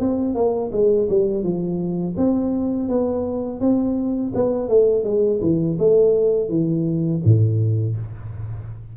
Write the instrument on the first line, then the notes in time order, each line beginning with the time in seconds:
tuba
0.00 C4
0.35 A#3
0.73 G#3
1.10 G3
1.44 F3
2.17 C4
2.89 B3
3.60 C4
4.35 B3
4.69 A3
5.04 G#3
5.42 E3
5.79 A3
6.49 E3
7.25 A2